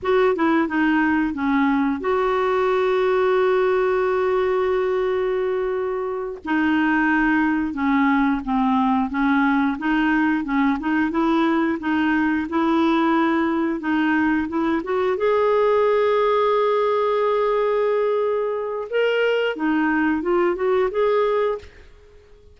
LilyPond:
\new Staff \with { instrumentName = "clarinet" } { \time 4/4 \tempo 4 = 89 fis'8 e'8 dis'4 cis'4 fis'4~ | fis'1~ | fis'4. dis'2 cis'8~ | cis'8 c'4 cis'4 dis'4 cis'8 |
dis'8 e'4 dis'4 e'4.~ | e'8 dis'4 e'8 fis'8 gis'4.~ | gis'1 | ais'4 dis'4 f'8 fis'8 gis'4 | }